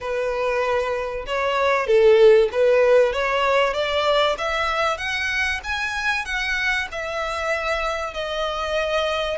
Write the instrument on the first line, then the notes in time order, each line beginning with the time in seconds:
violin
0.00 B4
1.26 C#5
1.86 A4
2.52 B4
3.12 C#5
3.73 D5
4.38 E5
4.97 F#5
5.63 G#5
6.25 F#5
6.91 E5
8.13 D#5